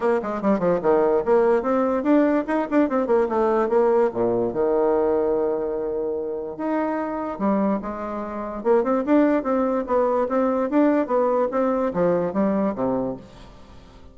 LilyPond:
\new Staff \with { instrumentName = "bassoon" } { \time 4/4 \tempo 4 = 146 ais8 gis8 g8 f8 dis4 ais4 | c'4 d'4 dis'8 d'8 c'8 ais8 | a4 ais4 ais,4 dis4~ | dis1 |
dis'2 g4 gis4~ | gis4 ais8 c'8 d'4 c'4 | b4 c'4 d'4 b4 | c'4 f4 g4 c4 | }